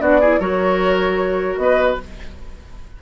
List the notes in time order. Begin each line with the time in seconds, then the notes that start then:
0.00 B3 D4 F#4 D5
0.20 E4 G#4
0.39 F#3 F#4 A#4 C#5
1.57 B3 B4 D#5